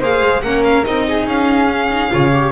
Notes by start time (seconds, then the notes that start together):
0.00 A#3 G#4 C5 F5
0.22 G#3
0.43 A#3 C#4 A#4 F#5
0.65 F5
0.84 C4 D#4 D#5
1.09 G#4
1.27 C#4 F5
1.70 C#4
1.91 D#4
2.10 C#3 F4 C#5
2.33 G4